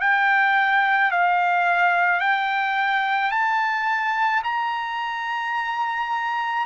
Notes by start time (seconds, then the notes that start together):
0.00 G5
1.11 F5
2.20 G5
3.31 A5
4.44 A#5